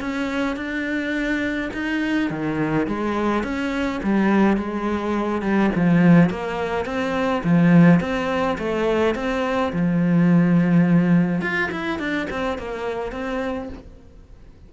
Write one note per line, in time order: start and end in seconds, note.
0.00 0.56 C#4
0.56 1.71 D4
1.73 2.30 D#4
2.30 2.87 D#3
2.87 3.43 G#3
3.43 4.01 C#4
4.03 4.57 G3
4.57 5.42 G#3
5.42 5.70 G3
5.75 6.30 F3
6.30 6.85 A#3
6.85 7.43 C4
7.44 8.00 F3
8.00 8.57 C4
8.58 9.15 A3
9.15 9.72 C4
9.72 11.42 F3
11.42 11.70 F4
11.71 11.99 E4
11.99 12.28 D4
12.30 12.58 C4
12.58 13.12 A#3
13.12 13.69 C4